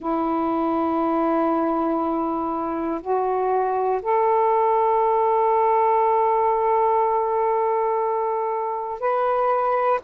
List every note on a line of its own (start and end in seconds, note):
0.00 3.00 E4
3.01 4.01 F#4
4.01 9.00 A4
9.00 10.00 B4